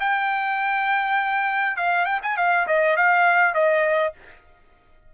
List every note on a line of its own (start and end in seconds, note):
0.00 1.77 G5
1.77 2.06 F5
2.06 2.21 G5
2.23 2.37 G#5
2.37 2.67 F5
2.68 2.97 D#5
2.97 3.55 F5
3.55 4.14 D#5